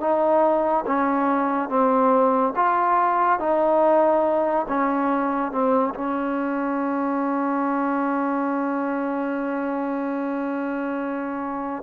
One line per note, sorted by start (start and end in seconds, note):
0.00 0.85 D#4
0.86 1.69 C#4
1.69 2.53 C4
2.55 3.39 F4
3.39 4.66 D#4
4.68 5.51 C#4
5.51 5.93 C4
5.95 11.82 C#4